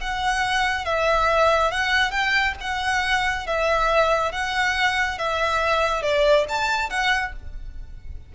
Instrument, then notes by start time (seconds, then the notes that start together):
violin
0.00 F#5
0.84 E5
1.70 F#5
2.11 G5
2.60 F#5
3.46 E5
4.31 F#5
5.18 E5
6.02 D5
6.48 A5
6.89 F#5